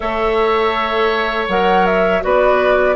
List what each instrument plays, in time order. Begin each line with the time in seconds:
0.00 bassoon A3, clarinet A4, oboe C#5, flute E5
1.48 bassoon F#3, clarinet A#4, flute F#5
1.85 flute E5
2.21 bassoon B3, clarinet F#4, oboe B4, flute D5